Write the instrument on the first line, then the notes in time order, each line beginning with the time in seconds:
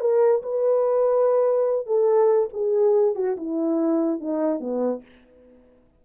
horn
0.00 A#4
0.42 B4
1.86 A4
2.53 G#4
3.15 F#4
3.36 E4
4.20 D#4
4.60 B3